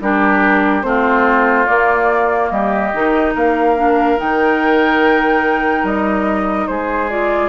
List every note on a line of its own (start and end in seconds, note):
0.00 0.83 G3
0.00 0.82 D4
0.00 0.86 G4
0.00 0.82 A#4
0.82 1.66 A3
0.82 1.66 C4
0.82 2.52 F4
0.82 1.65 C5
1.65 2.92 A#3
1.65 2.51 A#3
1.65 2.48 D5
2.49 2.92 G3
2.49 3.34 G4
2.49 3.33 D#5
2.93 3.35 D#3
2.93 3.76 D#4
3.34 4.18 A#3
3.34 6.67 A#4
3.34 4.19 F5
3.76 4.17 D4
4.17 5.83 D#3
4.17 7.09 D#4
4.17 5.86 G5
5.83 6.66 G3
5.83 6.67 D#5
6.67 7.48 G#3
6.67 7.48 G#4
6.67 7.09 C5
7.09 7.48 F4
7.09 7.48 D5